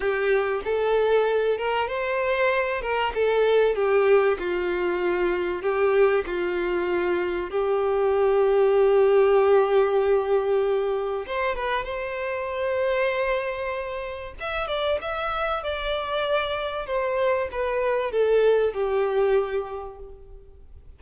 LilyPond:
\new Staff \with { instrumentName = "violin" } { \time 4/4 \tempo 4 = 96 g'4 a'4. ais'8 c''4~ | c''8 ais'8 a'4 g'4 f'4~ | f'4 g'4 f'2 | g'1~ |
g'2 c''8 b'8 c''4~ | c''2. e''8 d''8 | e''4 d''2 c''4 | b'4 a'4 g'2 | }